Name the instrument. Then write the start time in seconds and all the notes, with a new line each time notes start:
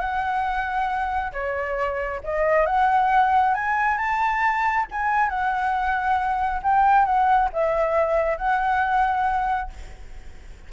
flute
0.00 F#5
1.33 C#5
2.24 D#5
2.67 F#5
3.55 G#5
3.98 A5
4.92 G#5
5.29 F#5
6.63 G5
7.05 F#5
7.53 E5
8.38 F#5